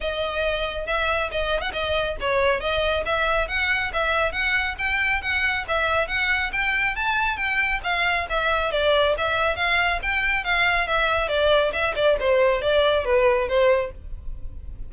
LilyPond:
\new Staff \with { instrumentName = "violin" } { \time 4/4 \tempo 4 = 138 dis''2 e''4 dis''8. fis''16 | dis''4 cis''4 dis''4 e''4 | fis''4 e''4 fis''4 g''4 | fis''4 e''4 fis''4 g''4 |
a''4 g''4 f''4 e''4 | d''4 e''4 f''4 g''4 | f''4 e''4 d''4 e''8 d''8 | c''4 d''4 b'4 c''4 | }